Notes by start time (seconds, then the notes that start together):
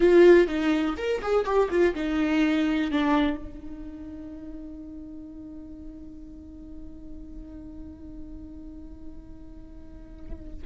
0.00 F4
0.47 D#4
0.97 A#4
1.22 G#4
1.45 G4
1.70 F4
1.94 D#4
2.91 D4
3.37 D#4